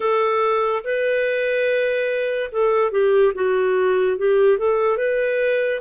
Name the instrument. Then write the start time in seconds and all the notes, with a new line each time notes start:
clarinet
0.00 A4
0.83 B4
2.51 A4
2.91 G4
3.34 F#4
4.17 G4
4.58 A4
4.97 B4